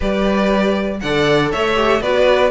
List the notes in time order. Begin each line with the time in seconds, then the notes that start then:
0.00 G3 G4 B4 D5
1.00 D3 A4 D5 F#5
1.51 A3 C#5 E5
1.75 G4
2.01 B3 F#4 B4 D5